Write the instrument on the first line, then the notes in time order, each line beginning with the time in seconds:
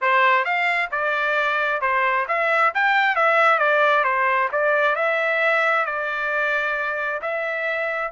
trumpet
0.01 C5
0.44 F5
0.91 D5
1.81 C5
2.28 E5
2.74 G5
3.15 E5
3.58 D5
4.04 C5
4.52 D5
4.95 E5
5.85 D5
7.21 E5